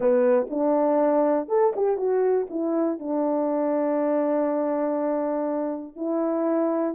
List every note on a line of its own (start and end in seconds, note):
0.00 0.47 B3
0.50 1.48 D4
1.48 1.73 A4
1.75 1.97 G4
1.97 2.47 F#4
2.50 2.99 E4
2.99 5.96 D4
5.96 6.94 E4